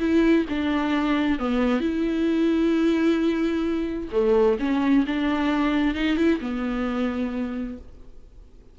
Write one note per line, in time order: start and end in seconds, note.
0.00 0.46 E4
0.49 1.39 D4
1.39 1.80 B3
1.80 4.09 E4
4.12 4.58 A3
4.59 5.05 C#4
5.07 5.95 D4
5.95 6.17 D#4
6.17 6.40 E4
6.41 7.78 B3